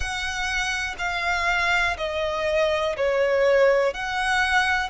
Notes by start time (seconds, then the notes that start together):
0.00 F#5
0.98 F5
1.97 D#5
2.96 C#5
3.93 F#5